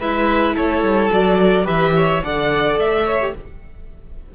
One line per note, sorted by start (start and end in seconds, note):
0.00 0.56 G#3
0.00 1.11 E4
0.00 0.55 B4
0.00 0.56 E5
0.55 0.82 A3
0.55 1.64 A4
0.55 1.12 C#5
0.82 1.10 G3
1.11 1.67 F#3
1.11 1.63 F#4
1.11 1.67 D5
1.63 2.22 E3
1.63 2.19 G4
1.63 1.92 B4
1.63 2.22 E5
1.96 2.24 C#5
2.23 2.77 D3
2.23 3.20 A4
2.23 3.06 D5
2.23 2.79 F#5
2.77 3.33 A3
2.77 3.35 E5
3.06 3.34 C#5
3.21 3.34 G4